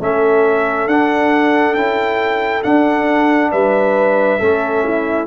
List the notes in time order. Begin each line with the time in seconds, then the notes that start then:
0.00 A3 C#4 A4 E5
0.87 D4 F#5
1.75 C#4 E4 G5
2.63 D4 F#5
3.52 G3 B4 E5
4.40 A3 C#4 A4
4.84 E4